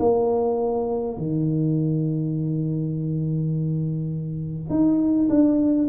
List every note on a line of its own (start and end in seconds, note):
0.00 1.18 A#3
1.18 4.71 D#3
4.71 5.29 D#4
5.30 5.89 D4